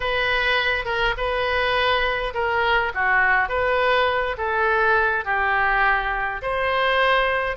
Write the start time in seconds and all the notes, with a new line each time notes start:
0.00 B4
0.85 A#4
1.17 B4
2.34 A#4
2.94 F#4
3.48 B4
4.37 A4
5.25 G4
6.42 C5